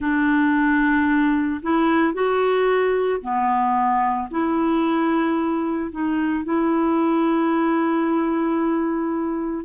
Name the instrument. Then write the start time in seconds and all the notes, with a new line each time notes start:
clarinet
0.00 D4
1.62 E4
2.13 F#4
3.21 B3
4.31 E4
5.91 D#4
6.44 E4